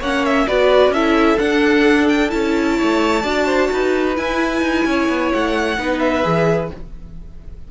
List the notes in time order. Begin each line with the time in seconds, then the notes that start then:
0.00 A#3 C#4 C#5 F#5
0.26 E5
0.48 B3 F#4 B4 D5
0.89 C#4 A4 E5
0.95 E4
1.38 D4 F#5
2.09 G5
2.30 C#4 E4 A5
2.77 A3 C#5
3.23 D4 F#4 D5
3.46 C5
3.72 D#4 B4
4.16 E4 G#5
4.62 D#4
4.85 C#4 C#5
5.09 B3
5.34 A3 F#5
5.78 B3 D#4 B4
6.00 E5
6.23 E3 G#4